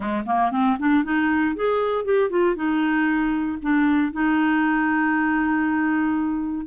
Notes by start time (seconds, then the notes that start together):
0.00 G#3
0.26 A#3
0.51 C4
0.79 D4
1.04 D#4
1.55 G#4
2.04 G4
2.30 F4
2.55 D#4
3.62 D4
4.12 D#4